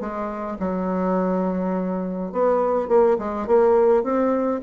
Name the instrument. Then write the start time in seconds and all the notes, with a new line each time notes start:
bassoon
0.00 G#3
0.59 F#3
2.32 B3
2.88 A#3
3.18 G#3
3.47 A#3
4.03 C4